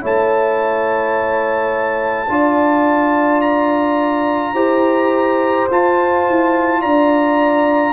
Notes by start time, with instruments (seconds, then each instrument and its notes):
0.00 tuba A3, trombone E4, horn C#5, trumpet A5
2.28 tuba D4, trombone F4, horn D5
3.41 trumpet A#5
4.53 tuba E4, trombone G4, horn C5
5.70 tuba F4, trombone F4, trumpet A5
6.29 tuba E4
6.81 tuba D4, horn D5, trumpet A#5